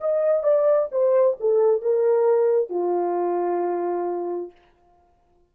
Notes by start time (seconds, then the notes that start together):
0.00 D#5
0.43 D5
0.92 C5
1.40 A4
1.81 A#4
2.69 F4